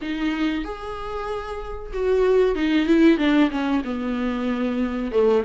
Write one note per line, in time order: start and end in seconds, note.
0.01 0.64 D#4
0.64 1.92 G#4
1.93 2.55 F#4
2.55 2.86 D#4
2.86 3.17 E4
3.17 3.50 D4
3.50 3.82 C#4
3.84 5.11 B3
5.11 5.43 A3